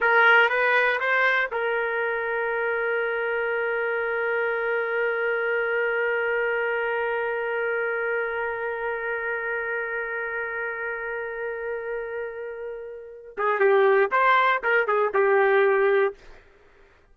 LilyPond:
\new Staff \with { instrumentName = "trumpet" } { \time 4/4 \tempo 4 = 119 ais'4 b'4 c''4 ais'4~ | ais'1~ | ais'1~ | ais'1~ |
ais'1~ | ais'1~ | ais'2~ ais'8 gis'8 g'4 | c''4 ais'8 gis'8 g'2 | }